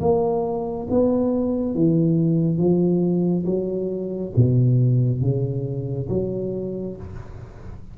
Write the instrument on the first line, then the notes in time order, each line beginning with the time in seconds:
tuba
0.00 A#3
0.90 B3
1.74 E3
2.57 F3
3.45 F#3
4.36 B2
5.21 C#3
6.09 F#3